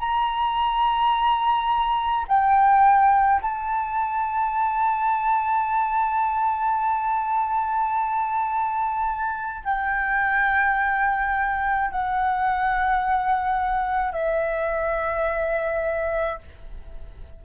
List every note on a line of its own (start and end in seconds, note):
0.00 2.26 A#5
2.28 3.42 G5
3.42 9.65 A5
9.65 11.91 G5
11.91 14.13 F#5
14.13 16.39 E5